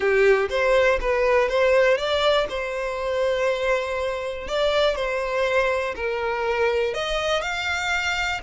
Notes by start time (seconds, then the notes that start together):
0.00 G4
0.49 C5
1.01 B4
1.49 C5
1.97 D5
2.49 C5
4.47 D5
4.95 C5
5.95 A#4
6.94 D#5
7.41 F5